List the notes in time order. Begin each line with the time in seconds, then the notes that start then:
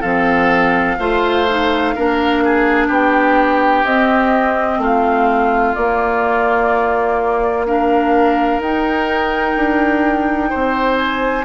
0.00 F3 C4 A4 F5
0.98 A3 F4 C5
1.48 D#4
1.95 A#3 D4 A#4
2.44 G#4
2.87 B3 G4 G5
3.84 C4 D#5
4.78 A3 F4 F5
5.74 A#3 D5
7.66 D4 A#4 F5
8.59 D#4 G5
9.56 D4
10.49 C4 C5
10.97 G#5